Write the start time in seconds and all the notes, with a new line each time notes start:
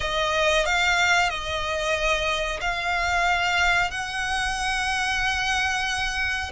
0.00 D#5
0.65 F5
1.29 D#5
2.60 F5
3.90 F#5